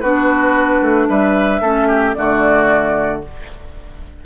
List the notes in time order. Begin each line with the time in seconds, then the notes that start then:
0.00 B3 D4 F#4 B4
0.81 A3
1.09 G3 B4 E5
1.60 A3 C#4 A4
1.88 G4
2.14 D3 A3 F#4 D5